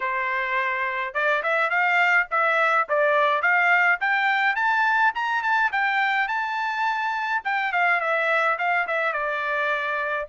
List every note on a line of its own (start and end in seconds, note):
0.00 1.14 C5
1.14 1.42 D5
1.42 1.70 E5
1.70 2.27 F5
2.30 2.87 E5
2.89 3.42 D5
3.42 3.99 F5
4.00 4.55 G5
4.55 5.12 A5
5.14 5.42 A#5
5.42 5.71 A5
5.72 6.28 G5
6.28 7.42 A5
7.44 7.72 G5
7.72 8.00 F5
8.00 8.57 E5
8.58 8.86 F5
8.87 9.12 E5
9.12 10.27 D5